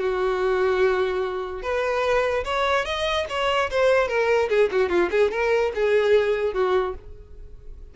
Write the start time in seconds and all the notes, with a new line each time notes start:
0.00 F#4
1.63 B4
2.45 C#5
2.86 D#5
3.30 C#5
3.71 C5
4.08 A#4
4.50 G#4
4.72 F#4
4.90 F4
5.11 G#4
5.32 A#4
5.75 G#4
6.54 F#4